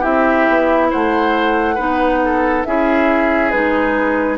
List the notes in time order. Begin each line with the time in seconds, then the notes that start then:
0.00 C4 E4 G4 E5
0.48 B3
0.90 A3 C5 F#5
1.75 B3 D#4 B4
2.24 A4
2.65 C#4 E4 G#4 E5
3.50 G#3 D#4 B4